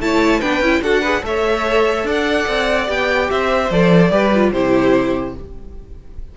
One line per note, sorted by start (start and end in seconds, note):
0.00 0.41 A3
0.00 0.42 E4
0.00 0.40 C#5
0.00 0.41 A5
0.40 0.60 B3
0.40 0.63 D4
0.40 0.81 B4
0.40 0.82 G5
0.60 0.81 C#4
0.60 0.83 E4
0.82 1.23 D4
0.82 1.04 F#4
0.82 1.01 A4
0.82 1.24 F#5
1.01 1.22 G#4
1.01 1.22 B4
1.22 2.04 A3
1.22 2.87 A4
1.22 2.07 C#5
1.22 2.08 E5
2.04 2.45 D4
2.04 3.30 D5
2.10 2.90 F#5
2.48 2.89 C4
2.87 3.30 B3
2.87 3.69 G4
2.87 3.30 G5
3.30 3.71 C4
3.30 4.11 C5
3.30 3.71 E5
3.71 4.11 F3
3.71 4.11 A4
3.71 4.52 D5
4.11 4.52 G3
4.11 4.32 G4
4.11 4.52 B4
4.35 4.55 F4
4.52 5.35 C3
4.52 5.37 E4
4.52 5.35 G4
4.52 5.35 C5